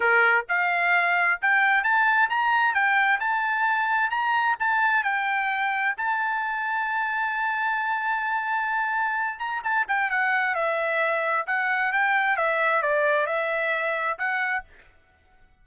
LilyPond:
\new Staff \with { instrumentName = "trumpet" } { \time 4/4 \tempo 4 = 131 ais'4 f''2 g''4 | a''4 ais''4 g''4 a''4~ | a''4 ais''4 a''4 g''4~ | g''4 a''2.~ |
a''1~ | a''8 ais''8 a''8 g''8 fis''4 e''4~ | e''4 fis''4 g''4 e''4 | d''4 e''2 fis''4 | }